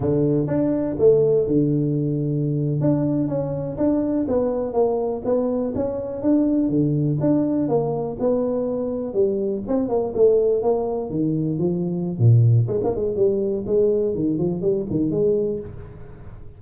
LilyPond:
\new Staff \with { instrumentName = "tuba" } { \time 4/4 \tempo 4 = 123 d4 d'4 a4 d4~ | d4.~ d16 d'4 cis'4 d'16~ | d'8. b4 ais4 b4 cis'16~ | cis'8. d'4 d4 d'4 ais16~ |
ais8. b2 g4 c'16~ | c'16 ais8 a4 ais4 dis4 f16~ | f4 ais,4 gis16 ais16 gis8 g4 | gis4 dis8 f8 g8 dis8 gis4 | }